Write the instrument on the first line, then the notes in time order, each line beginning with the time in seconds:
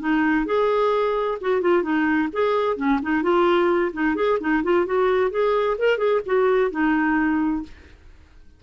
clarinet
0.00 D#4
0.46 G#4
1.41 F#4
1.62 F4
1.83 D#4
2.33 G#4
2.77 C#4
3.03 D#4
3.23 F4
3.93 D#4
4.16 G#4
4.40 D#4
4.64 F4
4.86 F#4
5.31 G#4
5.79 A#4
5.98 G#4
6.26 F#4
6.71 D#4